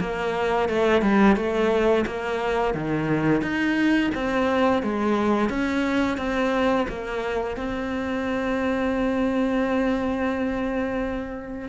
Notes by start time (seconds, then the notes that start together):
0.00 A#3
0.69 A3
1.01 G3
1.36 A3
2.06 A#3
2.74 D#3
3.41 D#4
4.14 C4
4.82 G#3
5.49 C#4
6.17 C4
6.88 A#3
7.56 C4